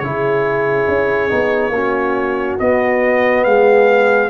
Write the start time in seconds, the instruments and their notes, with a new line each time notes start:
0.00 tuba C#3, trombone E4, horn G#4, trumpet C#5
0.88 tuba C#4
1.29 tuba B3, trombone D#4
1.70 tuba A#3, trombone C#4, horn F#4
2.60 trombone B3, tuba B3, trumpet D#5
3.45 tuba G#3, horn G#4, trumpet F5